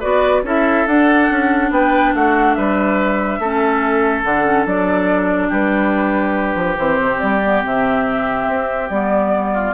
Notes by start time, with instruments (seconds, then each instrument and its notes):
0.00 bassoon B3, clarinet F#4, oboe B4, flute D5
0.44 bassoon C#4, clarinet E4, oboe A4, flute E5
0.87 bassoon D4, clarinet D4, flute F#5
1.30 bassoon C#4
1.71 bassoon B3, oboe B4, flute G5
2.14 bassoon A3, oboe F#4, flute F#5
2.54 bassoon G3, oboe B4, flute E5
3.39 bassoon A3, clarinet C#4, oboe A4
4.23 bassoon D3, clarinet D4, flute F#5
4.45 clarinet C#4
4.66 bassoon F#3, clarinet D4, flute D5
5.49 bassoon G3, oboe G4, flute B4
6.56 bassoon F3
6.78 bassoon E3, clarinet C4, flute C5
7.02 bassoon C3
7.20 bassoon G3, flute D5
7.43 clarinet B3
7.64 bassoon C3, clarinet C4, flute E5
8.48 bassoon C4
8.90 bassoon G3, clarinet B3, flute D5
9.54 oboe F4